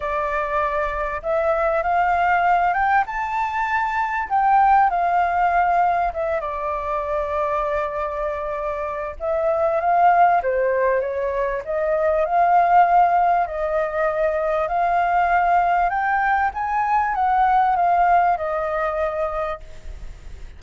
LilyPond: \new Staff \with { instrumentName = "flute" } { \time 4/4 \tempo 4 = 98 d''2 e''4 f''4~ | f''8 g''8 a''2 g''4 | f''2 e''8 d''4.~ | d''2. e''4 |
f''4 c''4 cis''4 dis''4 | f''2 dis''2 | f''2 g''4 gis''4 | fis''4 f''4 dis''2 | }